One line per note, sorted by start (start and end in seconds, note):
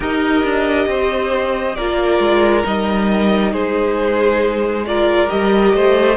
0.00 0.43 D#4
0.00 1.74 G4
0.00 0.87 A#4
0.00 1.75 D#5
0.43 0.87 D4
0.87 1.75 C4
0.87 1.76 C5
1.75 2.19 A#3
1.75 2.64 F4
1.75 3.53 A#4
1.75 2.63 D5
2.19 2.63 G#3
2.64 3.52 G3
2.64 4.84 D#4
2.64 3.52 D#5
3.52 5.28 G#3
3.52 4.85 G#4
3.52 4.85 C5
4.86 5.28 F4
4.86 5.75 A#4
4.86 5.29 D5
5.28 5.74 G3
5.28 6.16 G4
5.28 6.17 D#5
5.74 6.17 A3
5.74 6.17 C5